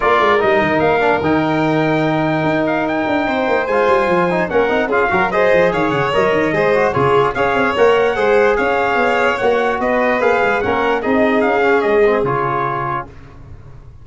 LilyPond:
<<
  \new Staff \with { instrumentName = "trumpet" } { \time 4/4 \tempo 4 = 147 d''4 dis''4 f''4 g''4~ | g''2~ g''8 f''8 g''4~ | g''4 gis''2 fis''4 | f''4 dis''4 f''8 fis''8 dis''4~ |
dis''4 cis''4 f''4 fis''4~ | fis''4 f''2 fis''4 | dis''4 f''4 fis''4 dis''4 | f''4 dis''4 cis''2 | }
  \new Staff \with { instrumentName = "violin" } { \time 4/4 ais'1~ | ais'1 | c''2. ais'4 | gis'8 ais'8 c''4 cis''2 |
c''4 gis'4 cis''2 | c''4 cis''2. | b'2 ais'4 gis'4~ | gis'1 | }
  \new Staff \with { instrumentName = "trombone" } { \time 4/4 f'4 dis'4. d'8 dis'4~ | dis'1~ | dis'4 f'4. dis'8 cis'8 dis'8 | f'8 fis'8 gis'2 ais'4 |
gis'8 fis'8 f'4 gis'4 ais'4 | gis'2. fis'4~ | fis'4 gis'4 cis'4 dis'4~ | dis'8 cis'4 c'8 f'2 | }
  \new Staff \with { instrumentName = "tuba" } { \time 4/4 ais8 gis8 g8 dis8 ais4 dis4~ | dis2 dis'4. d'8 | c'8 ais8 gis8 g8 f4 ais8 c'8 | cis'8 fis4 f8 dis8 cis8 fis8 dis8 |
gis4 cis4 cis'8 c'8 ais4 | gis4 cis'4 b4 ais4 | b4 ais8 gis8 ais4 c'4 | cis'4 gis4 cis2 | }
>>